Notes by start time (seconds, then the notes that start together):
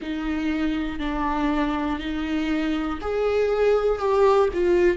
0.01 D#4
0.99 D4
1.99 D#4
3.01 G#4
3.98 G4
4.53 F4